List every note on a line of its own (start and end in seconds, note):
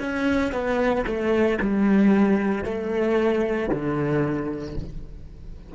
0.00 0.52 C#4
0.52 1.05 B3
1.06 1.58 A3
1.60 2.64 G3
2.64 3.69 A3
3.69 4.75 D3